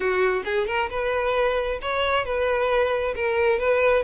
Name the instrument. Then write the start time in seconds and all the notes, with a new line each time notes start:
violin
0.00 F#4
0.44 G#4
0.67 A#4
0.90 B4
1.81 C#5
2.25 B4
3.15 A#4
3.59 B4